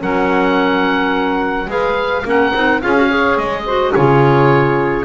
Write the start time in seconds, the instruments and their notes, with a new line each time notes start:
0.00 double bass F#3, clarinet C#4, saxophone A#4, oboe F#5
1.67 double bass G#3, clarinet G#4, saxophone B4, oboe F5
2.25 double bass A#3, clarinet C#4, saxophone A#4, oboe F#5
2.54 double bass C4, clarinet D#4
2.82 double bass C#4, clarinet F4, saxophone G#4, oboe F5
2.96 clarinet F#4
3.05 clarinet G#4, saxophone C#5
3.37 double bass G#3, oboe D#5
3.65 clarinet F#4, saxophone C5
3.93 double bass C#3, clarinet F4, saxophone G#4, oboe C#5